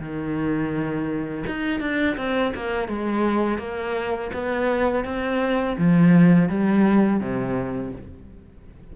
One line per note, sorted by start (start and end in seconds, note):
0.00 1.45 D#3
1.47 1.81 D#4
1.81 2.17 D4
2.18 2.54 C4
2.55 2.88 A#3
2.88 3.59 G#3
3.59 4.31 A#3
4.34 5.05 B3
5.05 5.77 C4
5.78 6.50 F3
6.50 7.21 G3
7.21 7.93 C3